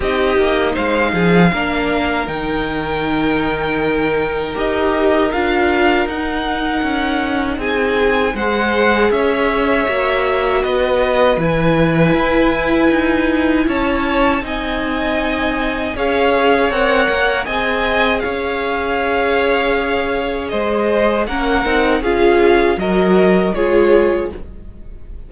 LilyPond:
<<
  \new Staff \with { instrumentName = "violin" } { \time 4/4 \tempo 4 = 79 dis''4 f''2 g''4~ | g''2 dis''4 f''4 | fis''2 gis''4 fis''4 | e''2 dis''4 gis''4~ |
gis''2 a''4 gis''4~ | gis''4 f''4 fis''4 gis''4 | f''2. dis''4 | fis''4 f''4 dis''4 cis''4 | }
  \new Staff \with { instrumentName = "violin" } { \time 4/4 g'4 c''8 gis'8 ais'2~ | ais'1~ | ais'2 gis'4 c''4 | cis''2 b'2~ |
b'2 cis''4 dis''4~ | dis''4 cis''2 dis''4 | cis''2. c''4 | ais'4 gis'4 ais'4 gis'4 | }
  \new Staff \with { instrumentName = "viola" } { \time 4/4 dis'2 d'4 dis'4~ | dis'2 g'4 f'4 | dis'2. gis'4~ | gis'4 fis'2 e'4~ |
e'2. dis'4~ | dis'4 gis'4 ais'4 gis'4~ | gis'1 | cis'8 dis'8 f'4 fis'4 f'4 | }
  \new Staff \with { instrumentName = "cello" } { \time 4/4 c'8 ais8 gis8 f8 ais4 dis4~ | dis2 dis'4 d'4 | dis'4 cis'4 c'4 gis4 | cis'4 ais4 b4 e4 |
e'4 dis'4 cis'4 c'4~ | c'4 cis'4 c'8 ais8 c'4 | cis'2. gis4 | ais8 c'8 cis'4 fis4 gis4 | }
>>